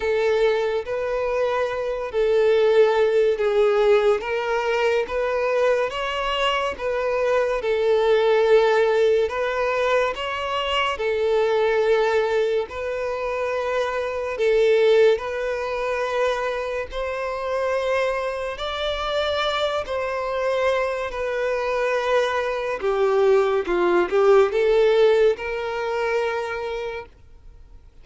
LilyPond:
\new Staff \with { instrumentName = "violin" } { \time 4/4 \tempo 4 = 71 a'4 b'4. a'4. | gis'4 ais'4 b'4 cis''4 | b'4 a'2 b'4 | cis''4 a'2 b'4~ |
b'4 a'4 b'2 | c''2 d''4. c''8~ | c''4 b'2 g'4 | f'8 g'8 a'4 ais'2 | }